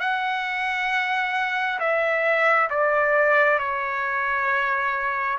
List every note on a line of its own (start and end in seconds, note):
0.00 1.79 F#5
1.80 2.69 E5
2.70 3.59 D5
3.59 5.38 C#5